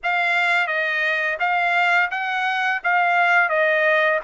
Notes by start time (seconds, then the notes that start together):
0.03 F5
0.67 D#5
1.39 F5
2.10 F#5
2.83 F5
3.49 D#5